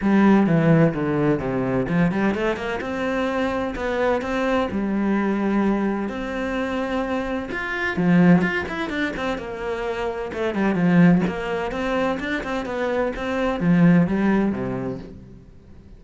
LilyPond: \new Staff \with { instrumentName = "cello" } { \time 4/4 \tempo 4 = 128 g4 e4 d4 c4 | f8 g8 a8 ais8 c'2 | b4 c'4 g2~ | g4 c'2. |
f'4 f4 f'8 e'8 d'8 c'8 | ais2 a8 g8 f4 | ais4 c'4 d'8 c'8 b4 | c'4 f4 g4 c4 | }